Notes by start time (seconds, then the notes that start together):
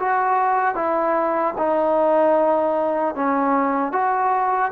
0.00 F#4
0.75 E4
1.58 D#4
3.15 C#4
3.93 F#4